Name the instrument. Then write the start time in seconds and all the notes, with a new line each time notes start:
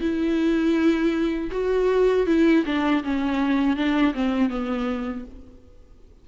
viola
0.00 E4
1.51 F#4
2.26 E4
2.65 D4
3.03 C#4
3.76 D4
4.14 C4
4.49 B3